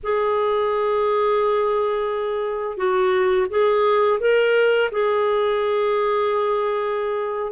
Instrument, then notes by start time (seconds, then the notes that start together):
clarinet
0.03 G#4
2.77 F#4
3.49 G#4
4.20 A#4
4.91 G#4